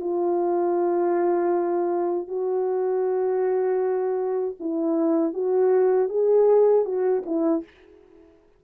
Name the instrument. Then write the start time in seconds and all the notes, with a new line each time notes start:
horn
0.00 F4
2.28 F#4
4.60 E4
5.33 F#4
6.09 G#4
6.85 F#4
7.26 E4